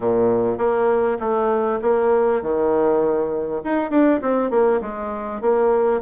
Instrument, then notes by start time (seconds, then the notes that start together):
bassoon
0.00 A#2
0.58 A#3
1.19 A3
1.81 A#3
2.42 D#3
3.64 D#4
3.90 D4
4.21 C4
4.50 A#3
4.81 G#3
5.41 A#3